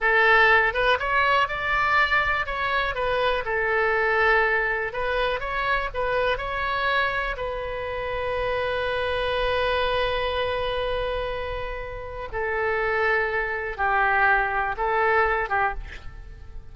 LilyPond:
\new Staff \with { instrumentName = "oboe" } { \time 4/4 \tempo 4 = 122 a'4. b'8 cis''4 d''4~ | d''4 cis''4 b'4 a'4~ | a'2 b'4 cis''4 | b'4 cis''2 b'4~ |
b'1~ | b'1~ | b'4 a'2. | g'2 a'4. g'8 | }